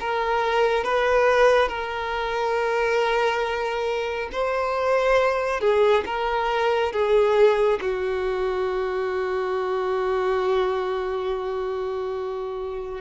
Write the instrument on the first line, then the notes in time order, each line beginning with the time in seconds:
violin
0.00 A#4
0.84 B4
1.68 A#4
4.32 C5
5.60 G#4
6.06 A#4
6.92 G#4
7.81 F#4